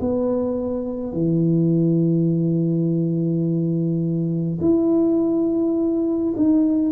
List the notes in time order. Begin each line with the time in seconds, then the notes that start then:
0.00 B3
1.12 E3
4.60 E4
6.36 D#4